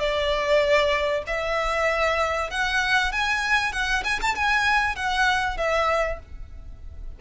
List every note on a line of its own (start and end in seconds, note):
0.00 1.24 D5
1.27 2.51 E5
2.51 3.13 F#5
3.13 3.73 G#5
3.73 4.04 F#5
4.05 4.20 G#5
4.22 4.36 A5
4.36 4.96 G#5
4.96 5.58 F#5
5.58 6.20 E5